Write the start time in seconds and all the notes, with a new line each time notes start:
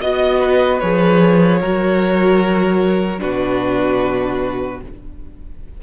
0.00 B3 F#4 D#5
0.39 B4
0.79 F3 G#4 C#5
1.60 F#3 F#4 A#4
3.18 B2 D4 F#4 B4